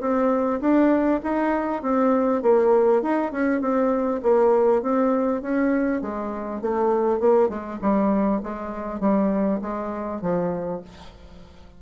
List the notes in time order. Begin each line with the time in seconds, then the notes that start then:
0.00 C4
0.60 D4
1.23 D#4
1.82 C4
2.42 A#3
3.02 D#4
3.32 C#4
3.61 C4
4.22 A#3
4.82 C4
5.42 C#4
6.01 G#3
6.61 A3
7.20 A#3
7.49 G#3
7.81 G3
8.43 G#3
9.00 G3
9.61 G#3
10.21 F3